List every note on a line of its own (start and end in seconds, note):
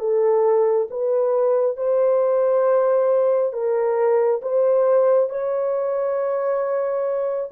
0.00 0.88 A4
0.91 1.77 B4
1.77 3.53 C5
3.53 4.41 A#4
4.42 5.30 C5
5.30 7.50 C#5